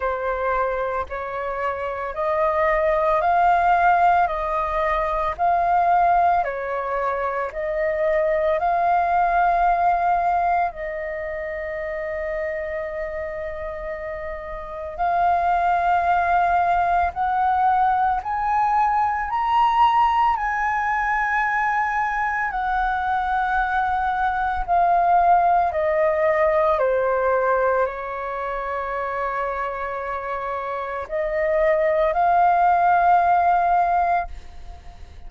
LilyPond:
\new Staff \with { instrumentName = "flute" } { \time 4/4 \tempo 4 = 56 c''4 cis''4 dis''4 f''4 | dis''4 f''4 cis''4 dis''4 | f''2 dis''2~ | dis''2 f''2 |
fis''4 gis''4 ais''4 gis''4~ | gis''4 fis''2 f''4 | dis''4 c''4 cis''2~ | cis''4 dis''4 f''2 | }